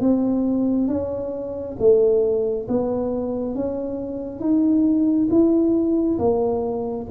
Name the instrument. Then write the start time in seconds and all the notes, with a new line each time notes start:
tuba
0.00 C4
0.88 C#4
1.79 A3
2.68 B3
3.55 C#4
4.40 D#4
5.30 E4
6.18 A#3